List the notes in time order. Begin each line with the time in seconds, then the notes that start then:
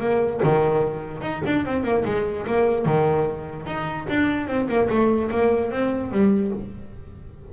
0.00 A#3
0.43 D#3
1.22 D#4
1.46 D4
1.65 C4
1.84 A#3
2.05 G#3
2.47 A#3
2.85 D#3
3.66 D#4
4.09 D4
4.47 C4
4.68 A#3
4.89 A3
5.31 A#3
5.71 C4
6.11 G3